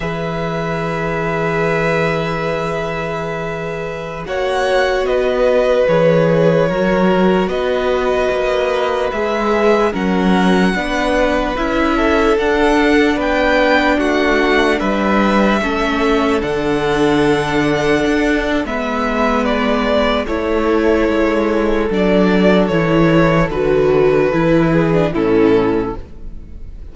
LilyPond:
<<
  \new Staff \with { instrumentName = "violin" } { \time 4/4 \tempo 4 = 74 e''1~ | e''4~ e''16 fis''4 dis''4 cis''8.~ | cis''4~ cis''16 dis''2 e''8.~ | e''16 fis''2 e''4 fis''8.~ |
fis''16 g''4 fis''4 e''4.~ e''16~ | e''16 fis''2~ fis''8. e''4 | d''4 cis''2 d''4 | cis''4 b'2 a'4 | }
  \new Staff \with { instrumentName = "violin" } { \time 4/4 b'1~ | b'4~ b'16 cis''4 b'4.~ b'16~ | b'16 ais'4 b'2~ b'8.~ | b'16 ais'4 b'4. a'4~ a'16~ |
a'16 b'4 fis'4 b'4 a'8.~ | a'2. b'4~ | b'4 a'2.~ | a'2~ a'8 gis'8 e'4 | }
  \new Staff \with { instrumentName = "viola" } { \time 4/4 gis'1~ | gis'4~ gis'16 fis'2 gis'8.~ | gis'16 fis'2. gis'8.~ | gis'16 cis'4 d'4 e'4 d'8.~ |
d'2.~ d'16 cis'8.~ | cis'16 d'2~ d'8. b4~ | b4 e'2 d'4 | e'4 fis'4 e'8. d'16 cis'4 | }
  \new Staff \with { instrumentName = "cello" } { \time 4/4 e1~ | e4~ e16 ais4 b4 e8.~ | e16 fis4 b4 ais4 gis8.~ | gis16 fis4 b4 cis'4 d'8.~ |
d'16 b4 a4 g4 a8.~ | a16 d2 d'8. gis4~ | gis4 a4 gis4 fis4 | e4 d4 e4 a,4 | }
>>